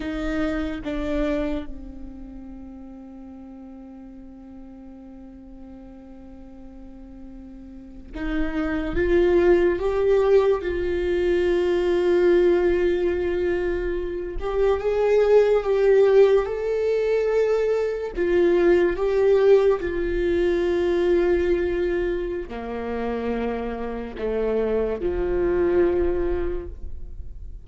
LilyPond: \new Staff \with { instrumentName = "viola" } { \time 4/4 \tempo 4 = 72 dis'4 d'4 c'2~ | c'1~ | c'4.~ c'16 dis'4 f'4 g'16~ | g'8. f'2.~ f'16~ |
f'4~ f'16 g'8 gis'4 g'4 a'16~ | a'4.~ a'16 f'4 g'4 f'16~ | f'2. ais4~ | ais4 a4 f2 | }